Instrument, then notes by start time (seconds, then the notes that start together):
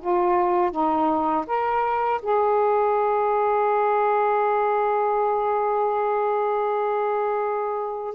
saxophone
0.00 F4
0.71 D#4
1.46 A#4
2.22 G#4